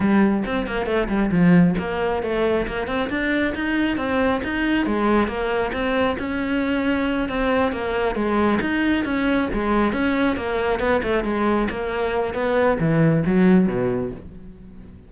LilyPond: \new Staff \with { instrumentName = "cello" } { \time 4/4 \tempo 4 = 136 g4 c'8 ais8 a8 g8 f4 | ais4 a4 ais8 c'8 d'4 | dis'4 c'4 dis'4 gis4 | ais4 c'4 cis'2~ |
cis'8 c'4 ais4 gis4 dis'8~ | dis'8 cis'4 gis4 cis'4 ais8~ | ais8 b8 a8 gis4 ais4. | b4 e4 fis4 b,4 | }